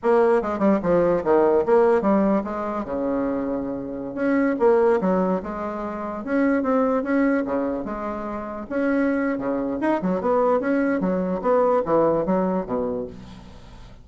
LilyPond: \new Staff \with { instrumentName = "bassoon" } { \time 4/4 \tempo 4 = 147 ais4 gis8 g8 f4 dis4 | ais4 g4 gis4 cis4~ | cis2~ cis16 cis'4 ais8.~ | ais16 fis4 gis2 cis'8.~ |
cis'16 c'4 cis'4 cis4 gis8.~ | gis4~ gis16 cis'4.~ cis'16 cis4 | dis'8 fis8 b4 cis'4 fis4 | b4 e4 fis4 b,4 | }